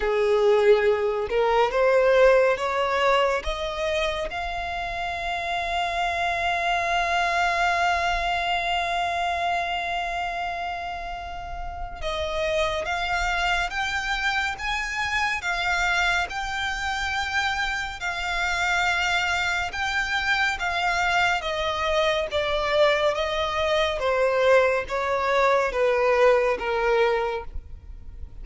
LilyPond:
\new Staff \with { instrumentName = "violin" } { \time 4/4 \tempo 4 = 70 gis'4. ais'8 c''4 cis''4 | dis''4 f''2.~ | f''1~ | f''2 dis''4 f''4 |
g''4 gis''4 f''4 g''4~ | g''4 f''2 g''4 | f''4 dis''4 d''4 dis''4 | c''4 cis''4 b'4 ais'4 | }